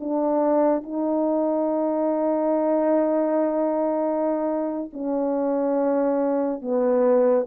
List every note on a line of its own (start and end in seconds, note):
0.00 0.83 D4
0.83 4.90 D#4
4.93 6.61 C#4
6.61 7.47 B3